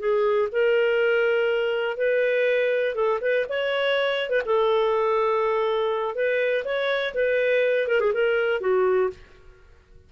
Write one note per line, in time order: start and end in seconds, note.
0.00 0.49 G#4
0.52 1.97 A#4
1.97 2.95 B4
2.95 3.20 A4
3.21 3.46 B4
3.50 4.30 C#5
4.30 4.42 B4
4.46 6.15 A4
6.15 6.65 B4
6.65 7.14 C#5
7.15 7.88 B4
7.88 8.01 A#4
8.01 8.13 G#4
8.14 8.61 A#4
8.61 9.10 F#4